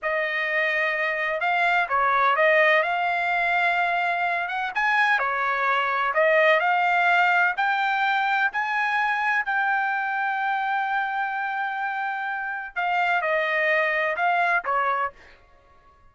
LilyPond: \new Staff \with { instrumentName = "trumpet" } { \time 4/4 \tempo 4 = 127 dis''2. f''4 | cis''4 dis''4 f''2~ | f''4. fis''8 gis''4 cis''4~ | cis''4 dis''4 f''2 |
g''2 gis''2 | g''1~ | g''2. f''4 | dis''2 f''4 cis''4 | }